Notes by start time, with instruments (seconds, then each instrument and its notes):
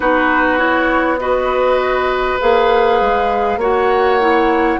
0.00 bassoon B3, clarinet D#4, oboe F#4, flute B4
0.58 clarinet E4, flute C#5
1.19 clarinet F#4, oboe B4, flute D#5
2.39 bassoon A#3, clarinet G#4, flute F5
3.00 bassoon G#3
3.56 bassoon A#3, clarinet F#4, oboe C#5, flute F#5
4.20 clarinet E4